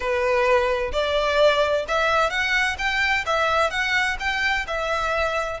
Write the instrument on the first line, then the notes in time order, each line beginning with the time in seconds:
violin
0.00 B4
0.92 D5
1.88 E5
2.29 F#5
2.78 G5
3.26 E5
3.70 F#5
4.19 G5
4.67 E5